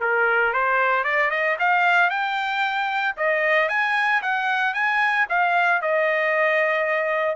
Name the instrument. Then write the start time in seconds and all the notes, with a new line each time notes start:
trumpet
0.00 A#4
0.53 C5
1.04 D5
1.30 D#5
1.59 F5
2.10 G5
3.17 D#5
3.68 G#5
4.22 F#5
4.73 G#5
5.29 F5
5.81 D#5